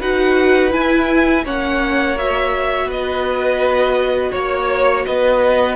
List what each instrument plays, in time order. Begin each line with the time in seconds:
0.00 cello D#4, viola F#4, violin B4 F#5
0.70 viola E4, cello E4, violin G#5
1.45 cello A#3, viola C#4, violin C#5 F#5
2.18 viola F#4, violin E5
2.85 cello B3, violin B4 D#5
4.31 cello A#3, violin C#5
5.06 cello B3, violin B4 D#5